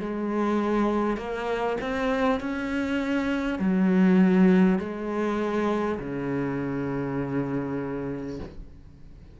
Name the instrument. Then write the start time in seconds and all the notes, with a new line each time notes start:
cello
0.00 G#3
1.17 A#3
1.81 C4
2.40 C#4
3.59 F#3
4.79 G#3
5.99 C#3